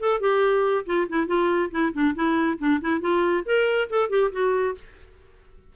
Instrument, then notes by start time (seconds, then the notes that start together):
clarinet
0.00 A4
0.20 G4
0.86 F4
1.09 E4
1.27 F4
1.71 E4
1.93 D4
2.15 E4
2.59 D4
2.82 E4
3.01 F4
3.46 A#4
3.90 A4
4.10 G4
4.32 F#4